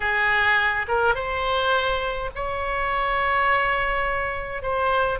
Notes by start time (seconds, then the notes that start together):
0.00 G#4
0.88 A#4
1.15 C5
2.35 C#5
4.62 C5